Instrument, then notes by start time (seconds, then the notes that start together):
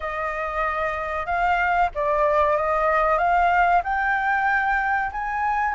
flute
0.00 D#5
1.26 F5
1.94 D5
2.56 D#5
3.18 F5
3.83 G5
5.12 G#5